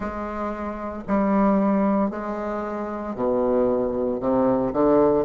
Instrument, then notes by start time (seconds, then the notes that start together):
bassoon
0.00 G#3
1.07 G3
2.10 G#3
3.15 B2
4.20 C3
4.73 D3